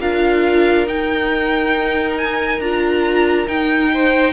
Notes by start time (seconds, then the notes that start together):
0.00 D4 F4 A#4 F5
0.87 D#4 G5
2.18 G#5
2.60 D4 F4 A#5
3.47 D#4 G5
3.94 C5